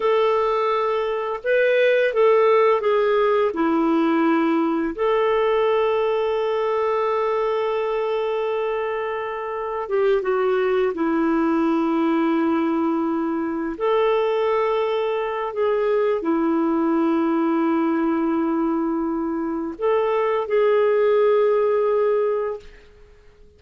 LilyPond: \new Staff \with { instrumentName = "clarinet" } { \time 4/4 \tempo 4 = 85 a'2 b'4 a'4 | gis'4 e'2 a'4~ | a'1~ | a'2 g'8 fis'4 e'8~ |
e'2.~ e'8 a'8~ | a'2 gis'4 e'4~ | e'1 | a'4 gis'2. | }